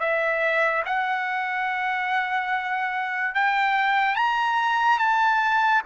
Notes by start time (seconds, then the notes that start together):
0.00 E5
0.86 F#5
3.35 G5
4.16 A#5
4.99 A5